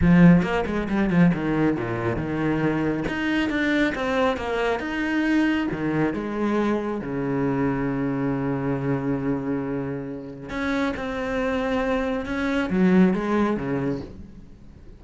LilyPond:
\new Staff \with { instrumentName = "cello" } { \time 4/4 \tempo 4 = 137 f4 ais8 gis8 g8 f8 dis4 | ais,4 dis2 dis'4 | d'4 c'4 ais4 dis'4~ | dis'4 dis4 gis2 |
cis1~ | cis1 | cis'4 c'2. | cis'4 fis4 gis4 cis4 | }